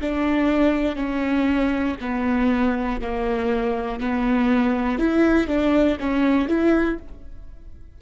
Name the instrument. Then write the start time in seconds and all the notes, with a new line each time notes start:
viola
0.00 D4
0.95 C#4
2.00 B3
3.00 A#3
3.99 B3
4.99 E4
5.47 D4
6.00 C#4
6.48 E4